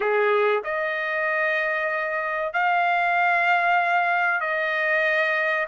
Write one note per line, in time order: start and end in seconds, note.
0.00 0.63 G#4
0.63 2.53 D#5
2.53 4.40 F5
4.40 5.66 D#5